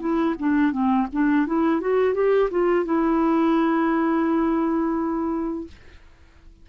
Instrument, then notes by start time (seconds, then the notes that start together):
clarinet
0.00 E4
0.39 D4
0.72 C4
1.13 D4
1.47 E4
1.81 F#4
2.14 G4
2.51 F4
2.85 E4